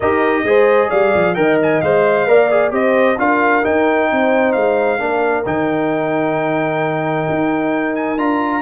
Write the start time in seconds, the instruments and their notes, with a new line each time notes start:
0.00 tuba D#4, trombone G4, horn A#4, trumpet D#5
0.44 tuba G#3, trombone G#4, horn C5
0.89 tuba G3, horn D5, trumpet F5
1.15 tuba F3
1.35 tuba D#3, trombone A#4, horn D#5, trumpet G5
1.62 trumpet G#5
1.81 tuba G#3, trombone C5, trumpet F5
2.27 tuba A#3, trombone A#4, horn D5
2.50 trombone G#4
2.70 tuba C4, trombone G4, horn C5, trumpet D#5
3.17 tuba D4, trombone F4, horn A#4, trumpet F5
3.62 trombone D#4, tuba D#4, trumpet G5
4.10 tuba C4, horn C5
4.52 tuba G#3, trumpet F5
4.98 tuba A#3, trombone D4, horn A#4
5.45 tuba D#3, trombone D#4, trumpet G5
7.29 tuba D#4
7.95 trumpet G#5
8.18 tuba D4, trombone F4, trumpet A#5